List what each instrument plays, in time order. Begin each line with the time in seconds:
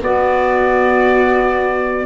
0.00 clarinet B3, tuba B3, viola F#4, trumpet D5